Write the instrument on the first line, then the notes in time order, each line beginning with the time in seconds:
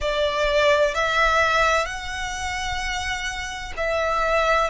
violin
0.00 D5
0.94 E5
1.85 F#5
3.76 E5